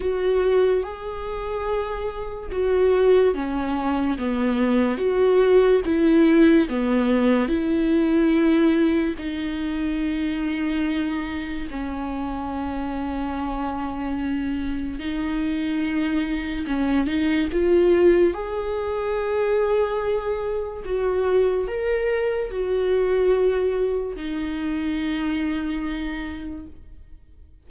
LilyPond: \new Staff \with { instrumentName = "viola" } { \time 4/4 \tempo 4 = 72 fis'4 gis'2 fis'4 | cis'4 b4 fis'4 e'4 | b4 e'2 dis'4~ | dis'2 cis'2~ |
cis'2 dis'2 | cis'8 dis'8 f'4 gis'2~ | gis'4 fis'4 ais'4 fis'4~ | fis'4 dis'2. | }